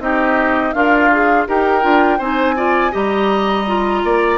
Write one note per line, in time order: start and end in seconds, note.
0.00 0.73 C4
0.00 0.73 D#4
0.00 0.75 G4
0.00 0.73 D#5
0.73 1.47 D4
0.73 1.48 F4
0.73 1.11 A#4
0.73 1.46 F5
1.12 1.47 G#4
1.47 1.84 D#4
1.47 1.82 G4
1.47 2.18 A#4
1.47 2.21 G5
1.82 2.20 D4
1.82 2.19 F4
2.18 2.93 C4
2.18 2.56 D#4
2.18 2.55 C5
2.18 2.94 G#5
2.56 2.91 F4
2.56 2.92 D5
2.91 4.04 G3
2.91 3.65 G4
2.91 4.02 D#5
2.91 4.38 A#5
3.67 4.38 F4
4.04 4.38 A#3
4.04 4.38 D5